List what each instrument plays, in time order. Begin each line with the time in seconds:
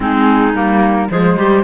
0.00 cello G#3, clarinet C4 D#4, flute G#4
0.54 cello G3, clarinet A#3, flute A#4
1.09 cello F3, clarinet G#3 G#4, flute C5
1.37 cello G3, clarinet G4